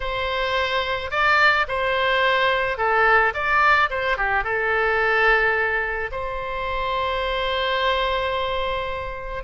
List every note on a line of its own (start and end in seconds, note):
0.00 1.10 C5
1.10 1.66 D5
1.68 2.77 C5
2.77 3.33 A4
3.34 3.89 D5
3.89 4.17 C5
4.17 4.44 G4
4.44 6.10 A4
6.11 9.43 C5